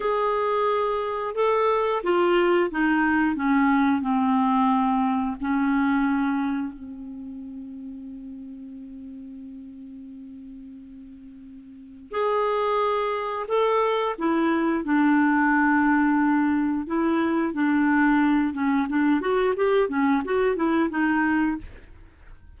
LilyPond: \new Staff \with { instrumentName = "clarinet" } { \time 4/4 \tempo 4 = 89 gis'2 a'4 f'4 | dis'4 cis'4 c'2 | cis'2 c'2~ | c'1~ |
c'2 gis'2 | a'4 e'4 d'2~ | d'4 e'4 d'4. cis'8 | d'8 fis'8 g'8 cis'8 fis'8 e'8 dis'4 | }